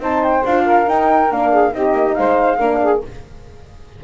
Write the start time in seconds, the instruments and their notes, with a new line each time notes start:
0.00 double bass C4, horn D#4, saxophone C5, flute A5
0.24 flute G5
0.46 double bass D4, horn F4, flute F5
0.65 saxophone A#4
0.86 horn D#4, double bass D#4, flute G5
1.31 double bass A#3, horn D4, flute F5
1.51 saxophone G#4
1.72 double bass C4, horn D#4, saxophone G4, flute D#5
1.92 double bass A#3
2.15 double bass G#3, saxophone C5, flute F5
2.57 double bass A#3, horn D4, saxophone A#4
2.83 saxophone G#4